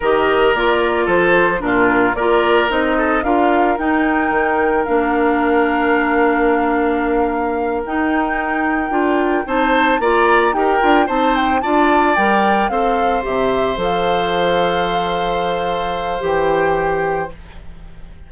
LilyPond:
<<
  \new Staff \with { instrumentName = "flute" } { \time 4/4 \tempo 4 = 111 dis''4 d''4 c''4 ais'4 | d''4 dis''4 f''4 g''4~ | g''4 f''2.~ | f''2~ f''8 g''4.~ |
g''4. a''4 ais''4 g''8~ | g''8 a''8 g''8 a''4 g''4 f''8~ | f''8 e''4 f''2~ f''8~ | f''2 g''2 | }
  \new Staff \with { instrumentName = "oboe" } { \time 4/4 ais'2 a'4 f'4 | ais'4. a'8 ais'2~ | ais'1~ | ais'1~ |
ais'4. c''4 d''4 ais'8~ | ais'8 c''4 d''2 c''8~ | c''1~ | c''1 | }
  \new Staff \with { instrumentName = "clarinet" } { \time 4/4 g'4 f'2 d'4 | f'4 dis'4 f'4 dis'4~ | dis'4 d'2.~ | d'2~ d'8 dis'4.~ |
dis'8 f'4 dis'4 f'4 g'8 | f'8 dis'4 f'4 ais'4 a'8~ | a'8 g'4 a'2~ a'8~ | a'2 g'2 | }
  \new Staff \with { instrumentName = "bassoon" } { \time 4/4 dis4 ais4 f4 ais,4 | ais4 c'4 d'4 dis'4 | dis4 ais2.~ | ais2~ ais8 dis'4.~ |
dis'8 d'4 c'4 ais4 dis'8 | d'8 c'4 d'4 g4 c'8~ | c'8 c4 f2~ f8~ | f2 e2 | }
>>